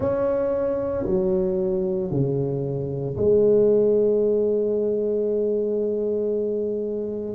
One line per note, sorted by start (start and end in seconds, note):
0.00 1.05 C#4
1.05 2.11 F#3
2.11 3.16 C#3
3.17 7.34 G#3